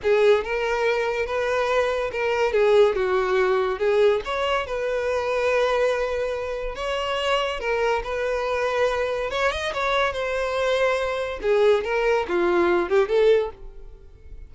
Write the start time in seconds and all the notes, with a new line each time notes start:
0.02 G#4
0.44 A#4
1.26 B4
2.11 A#4
2.52 G#4
2.95 F#4
3.79 G#4
4.24 C#5
4.66 B4
6.75 C#5
7.60 A#4
8.03 B4
9.30 C#5
9.51 D#5
9.73 C#5
10.12 C5
11.42 G#4
11.84 A#4
12.27 F4
12.89 G4
13.08 A4